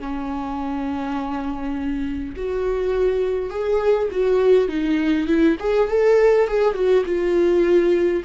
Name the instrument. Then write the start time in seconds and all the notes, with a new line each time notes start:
viola
0.00 C#4
2.37 F#4
3.51 G#4
4.12 F#4
4.69 D#4
5.28 E4
5.60 G#4
5.90 A4
6.48 G#4
6.75 F#4
7.06 F4